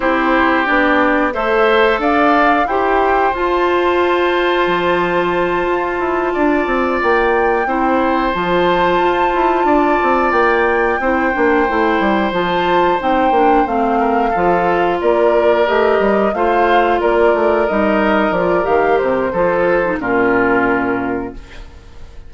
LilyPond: <<
  \new Staff \with { instrumentName = "flute" } { \time 4/4 \tempo 4 = 90 c''4 d''4 e''4 f''4 | g''4 a''2.~ | a''2~ a''8 g''4.~ | g''8 a''2. g''8~ |
g''2~ g''8 a''4 g''8~ | g''8 f''2 d''4 dis''8~ | dis''8 f''4 d''4 dis''4 d''8 | f''8 c''4. ais'2 | }
  \new Staff \with { instrumentName = "oboe" } { \time 4/4 g'2 c''4 d''4 | c''1~ | c''4. d''2 c''8~ | c''2~ c''8 d''4.~ |
d''8 c''2.~ c''8~ | c''4 ais'8 a'4 ais'4.~ | ais'8 c''4 ais'2~ ais'8~ | ais'4 a'4 f'2 | }
  \new Staff \with { instrumentName = "clarinet" } { \time 4/4 e'4 d'4 a'2 | g'4 f'2.~ | f'2.~ f'8 e'8~ | e'8 f'2.~ f'8~ |
f'8 e'8 d'8 e'4 f'4 dis'8 | d'8 c'4 f'2 g'8~ | g'8 f'2 dis'4 f'8 | g'4 f'8. dis'16 cis'2 | }
  \new Staff \with { instrumentName = "bassoon" } { \time 4/4 c'4 b4 a4 d'4 | e'4 f'2 f4~ | f8 f'8 e'8 d'8 c'8 ais4 c'8~ | c'8 f4 f'8 e'8 d'8 c'8 ais8~ |
ais8 c'8 ais8 a8 g8 f4 c'8 | ais8 a4 f4 ais4 a8 | g8 a4 ais8 a8 g4 f8 | dis8 c8 f4 ais,2 | }
>>